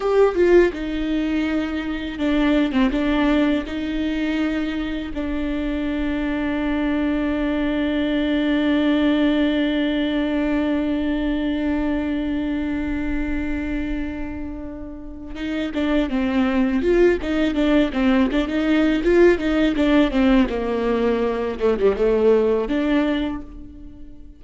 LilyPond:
\new Staff \with { instrumentName = "viola" } { \time 4/4 \tempo 4 = 82 g'8 f'8 dis'2 d'8. c'16 | d'4 dis'2 d'4~ | d'1~ | d'1~ |
d'1~ | d'4 dis'8 d'8 c'4 f'8 dis'8 | d'8 c'8 d'16 dis'8. f'8 dis'8 d'8 c'8 | ais4. a16 g16 a4 d'4 | }